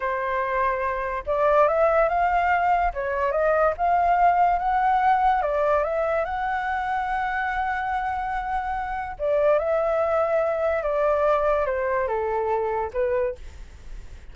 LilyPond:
\new Staff \with { instrumentName = "flute" } { \time 4/4 \tempo 4 = 144 c''2. d''4 | e''4 f''2 cis''4 | dis''4 f''2 fis''4~ | fis''4 d''4 e''4 fis''4~ |
fis''1~ | fis''2 d''4 e''4~ | e''2 d''2 | c''4 a'2 b'4 | }